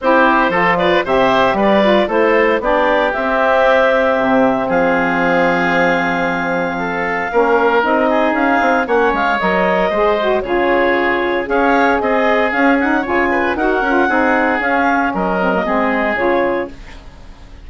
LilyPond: <<
  \new Staff \with { instrumentName = "clarinet" } { \time 4/4 \tempo 4 = 115 c''4. d''8 e''4 d''4 | c''4 d''4 e''2~ | e''4 f''2.~ | f''2. dis''4 |
f''4 fis''8 f''8 dis''2 | cis''2 f''4 dis''4 | f''8 fis''8 gis''4 fis''2 | f''4 dis''2 cis''4 | }
  \new Staff \with { instrumentName = "oboe" } { \time 4/4 g'4 a'8 b'8 c''4 b'4 | a'4 g'2.~ | g'4 gis'2.~ | gis'4 a'4 ais'4. gis'8~ |
gis'4 cis''2 c''4 | gis'2 cis''4 gis'4~ | gis'4 cis''8 b'8 ais'4 gis'4~ | gis'4 ais'4 gis'2 | }
  \new Staff \with { instrumentName = "saxophone" } { \time 4/4 e'4 f'4 g'4. f'8 | e'4 d'4 c'2~ | c'1~ | c'2 cis'4 dis'4~ |
dis'4 cis'4 ais'4 gis'8 fis'8 | f'2 gis'2 | cis'8 dis'8 f'4 fis'8 f'8 dis'4 | cis'4. c'16 ais16 c'4 f'4 | }
  \new Staff \with { instrumentName = "bassoon" } { \time 4/4 c'4 f4 c4 g4 | a4 b4 c'2 | c4 f2.~ | f2 ais4 c'4 |
cis'8 c'8 ais8 gis8 fis4 gis4 | cis2 cis'4 c'4 | cis'4 cis4 dis'8 cis'8 c'4 | cis'4 fis4 gis4 cis4 | }
>>